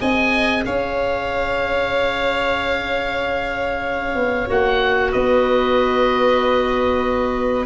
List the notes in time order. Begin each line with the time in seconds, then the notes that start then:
0.00 C4 G#4 D#5 G#5
0.66 C#4 C#5 F5
4.16 B3
4.47 A#3 F#4 F#5
5.11 B3 B4 D#5